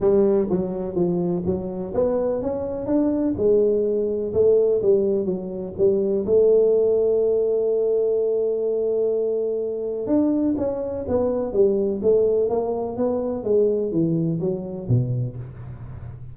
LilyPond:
\new Staff \with { instrumentName = "tuba" } { \time 4/4 \tempo 4 = 125 g4 fis4 f4 fis4 | b4 cis'4 d'4 gis4~ | gis4 a4 g4 fis4 | g4 a2.~ |
a1~ | a4 d'4 cis'4 b4 | g4 a4 ais4 b4 | gis4 e4 fis4 b,4 | }